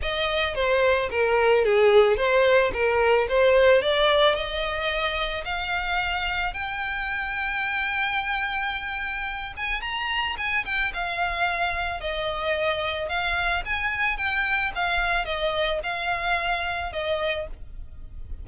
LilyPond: \new Staff \with { instrumentName = "violin" } { \time 4/4 \tempo 4 = 110 dis''4 c''4 ais'4 gis'4 | c''4 ais'4 c''4 d''4 | dis''2 f''2 | g''1~ |
g''4. gis''8 ais''4 gis''8 g''8 | f''2 dis''2 | f''4 gis''4 g''4 f''4 | dis''4 f''2 dis''4 | }